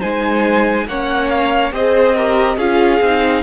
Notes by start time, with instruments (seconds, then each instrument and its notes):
0.00 cello G#3, viola D#4, violin C5 G#5
0.87 cello A#3, viola C#4, violin C#5 F#5
1.30 violin F5
1.72 cello C4, viola G#4, violin C5 D#5
2.16 viola G4, violin A#4
2.57 cello C#4, viola F4, violin G#4 F5
3.01 cello C4, viola D#4